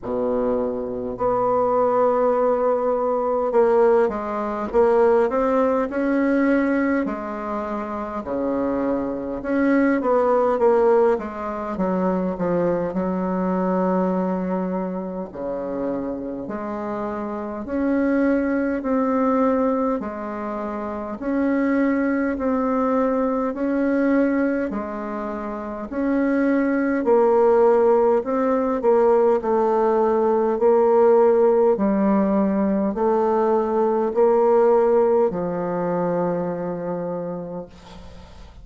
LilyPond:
\new Staff \with { instrumentName = "bassoon" } { \time 4/4 \tempo 4 = 51 b,4 b2 ais8 gis8 | ais8 c'8 cis'4 gis4 cis4 | cis'8 b8 ais8 gis8 fis8 f8 fis4~ | fis4 cis4 gis4 cis'4 |
c'4 gis4 cis'4 c'4 | cis'4 gis4 cis'4 ais4 | c'8 ais8 a4 ais4 g4 | a4 ais4 f2 | }